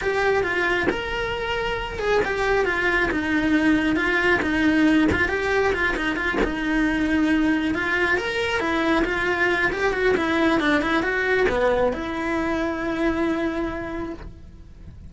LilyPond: \new Staff \with { instrumentName = "cello" } { \time 4/4 \tempo 4 = 136 g'4 f'4 ais'2~ | ais'8 gis'8 g'4 f'4 dis'4~ | dis'4 f'4 dis'4. f'8 | g'4 f'8 dis'8 f'8 dis'4.~ |
dis'4. f'4 ais'4 e'8~ | e'8 f'4. g'8 fis'8 e'4 | d'8 e'8 fis'4 b4 e'4~ | e'1 | }